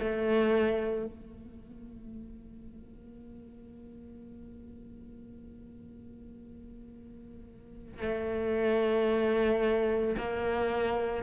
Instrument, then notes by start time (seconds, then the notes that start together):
cello
0.00 A3
1.07 A#3
8.02 A3
10.18 A#3